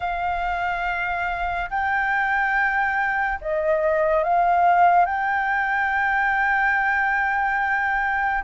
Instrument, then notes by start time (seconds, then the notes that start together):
flute
0.00 F5
1.70 G5
3.41 D#5
4.23 F5
5.05 G5